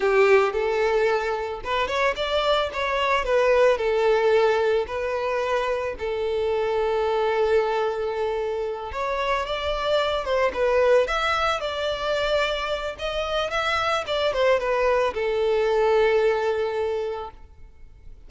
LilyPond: \new Staff \with { instrumentName = "violin" } { \time 4/4 \tempo 4 = 111 g'4 a'2 b'8 cis''8 | d''4 cis''4 b'4 a'4~ | a'4 b'2 a'4~ | a'1~ |
a'8 cis''4 d''4. c''8 b'8~ | b'8 e''4 d''2~ d''8 | dis''4 e''4 d''8 c''8 b'4 | a'1 | }